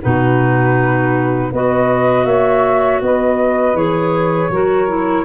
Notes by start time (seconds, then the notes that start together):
0.00 B2 D#4 F#4 B4
1.51 B3 F#4 B4 D#5
2.24 A#3 C#5 E5
3.01 B3 B4 D#5
3.74 E3 G#4 C#5
4.49 F#3 F#4 A#4
4.88 E4